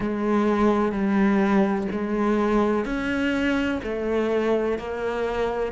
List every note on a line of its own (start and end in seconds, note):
0.00 0.91 G#3
0.91 1.87 G3
1.91 2.85 G#3
2.85 3.80 C#4
3.83 4.78 A3
4.78 5.72 A#3